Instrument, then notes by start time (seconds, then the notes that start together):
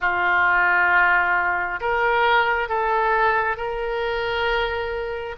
oboe
0.00 F4
1.80 A#4
2.69 A4
3.57 A#4